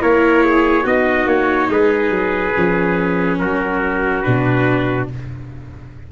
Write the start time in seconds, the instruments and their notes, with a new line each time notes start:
0.00 tuba A#3, viola E4, trumpet A#4 C#5
0.45 trumpet G#4
0.83 tuba B3, viola D#4, trumpet F#4 D#5
1.26 tuba A#3, trumpet C#5
1.69 tuba G#3, trumpet G#4 B4
2.10 tuba F#3
2.54 tuba F3, viola C#4
3.39 tuba F#3, trumpet F#4 A#4
4.22 tuba B2, viola D4, trumpet B4